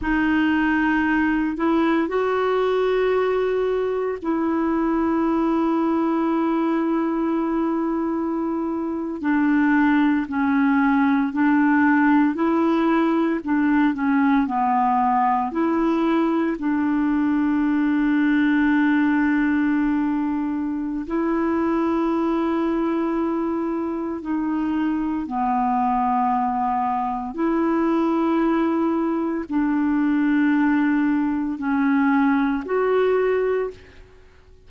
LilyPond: \new Staff \with { instrumentName = "clarinet" } { \time 4/4 \tempo 4 = 57 dis'4. e'8 fis'2 | e'1~ | e'8. d'4 cis'4 d'4 e'16~ | e'8. d'8 cis'8 b4 e'4 d'16~ |
d'1 | e'2. dis'4 | b2 e'2 | d'2 cis'4 fis'4 | }